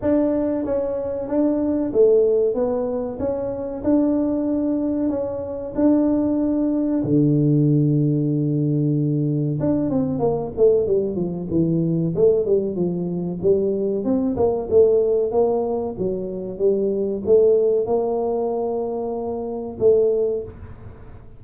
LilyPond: \new Staff \with { instrumentName = "tuba" } { \time 4/4 \tempo 4 = 94 d'4 cis'4 d'4 a4 | b4 cis'4 d'2 | cis'4 d'2 d4~ | d2. d'8 c'8 |
ais8 a8 g8 f8 e4 a8 g8 | f4 g4 c'8 ais8 a4 | ais4 fis4 g4 a4 | ais2. a4 | }